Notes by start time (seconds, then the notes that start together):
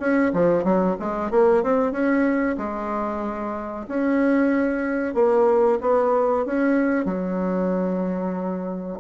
0.00 C#4
0.33 F3
0.64 F#3
1.00 G#3
1.31 A#3
1.63 C4
1.92 C#4
2.58 G#3
3.88 C#4
5.15 A#3
5.81 B3
6.46 C#4
7.05 F#3